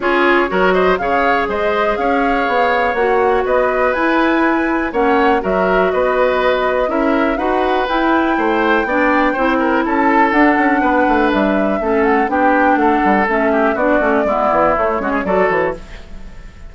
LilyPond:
<<
  \new Staff \with { instrumentName = "flute" } { \time 4/4 \tempo 4 = 122 cis''4. dis''8 f''4 dis''4 | f''2 fis''4 dis''4 | gis''2 fis''4 e''4 | dis''2 e''4 fis''4 |
g''1 | a''4 fis''2 e''4~ | e''8 fis''8 g''4 fis''4 e''4 | d''2 cis''4 d''8 cis''8 | }
  \new Staff \with { instrumentName = "oboe" } { \time 4/4 gis'4 ais'8 c''8 cis''4 c''4 | cis''2. b'4~ | b'2 cis''4 ais'4 | b'2 ais'4 b'4~ |
b'4 c''4 d''4 c''8 ais'8 | a'2 b'2 | a'4 g'4 a'4. g'8 | fis'4 e'4. fis'16 gis'16 a'4 | }
  \new Staff \with { instrumentName = "clarinet" } { \time 4/4 f'4 fis'4 gis'2~ | gis'2 fis'2 | e'2 cis'4 fis'4~ | fis'2 e'4 fis'4 |
e'2 d'4 e'4~ | e'4 d'2. | cis'4 d'2 cis'4 | d'8 cis'8 b4 a8 cis'8 fis'4 | }
  \new Staff \with { instrumentName = "bassoon" } { \time 4/4 cis'4 fis4 cis4 gis4 | cis'4 b4 ais4 b4 | e'2 ais4 fis4 | b2 cis'4 dis'4 |
e'4 a4 b4 c'4 | cis'4 d'8 cis'8 b8 a8 g4 | a4 b4 a8 g8 a4 | b8 a8 gis8 e8 a8 gis8 fis8 e8 | }
>>